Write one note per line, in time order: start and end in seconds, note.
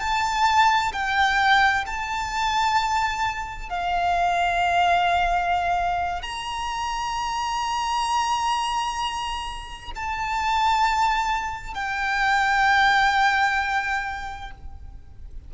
0.00 0.92 A5
0.93 1.85 G5
1.86 3.69 A5
3.69 6.23 F5
6.23 9.92 A#5
9.96 11.74 A5
11.74 14.51 G5